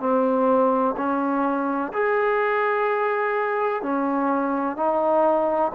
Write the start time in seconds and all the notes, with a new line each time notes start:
0.00 C4
0.97 C#4
1.94 G#4
3.83 C#4
4.77 D#4